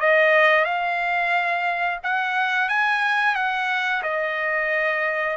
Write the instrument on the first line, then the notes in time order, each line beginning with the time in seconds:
trumpet
0.00 D#5
0.65 F5
2.03 F#5
2.69 G#5
3.35 F#5
4.03 D#5